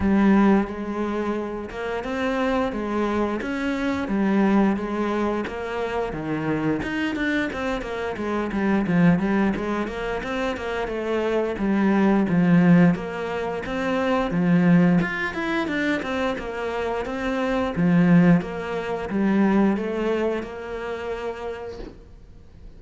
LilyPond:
\new Staff \with { instrumentName = "cello" } { \time 4/4 \tempo 4 = 88 g4 gis4. ais8 c'4 | gis4 cis'4 g4 gis4 | ais4 dis4 dis'8 d'8 c'8 ais8 | gis8 g8 f8 g8 gis8 ais8 c'8 ais8 |
a4 g4 f4 ais4 | c'4 f4 f'8 e'8 d'8 c'8 | ais4 c'4 f4 ais4 | g4 a4 ais2 | }